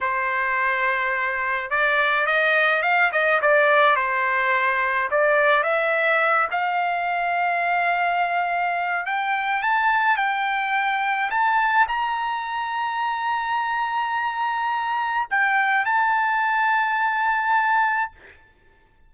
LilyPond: \new Staff \with { instrumentName = "trumpet" } { \time 4/4 \tempo 4 = 106 c''2. d''4 | dis''4 f''8 dis''8 d''4 c''4~ | c''4 d''4 e''4. f''8~ | f''1 |
g''4 a''4 g''2 | a''4 ais''2.~ | ais''2. g''4 | a''1 | }